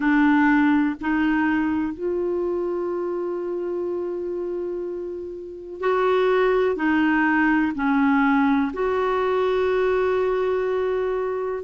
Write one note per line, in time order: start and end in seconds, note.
0.00 0.95 D4
1.00 1.93 D#4
1.93 5.80 F4
5.80 6.75 F#4
6.75 7.72 D#4
7.75 8.72 C#4
8.73 11.63 F#4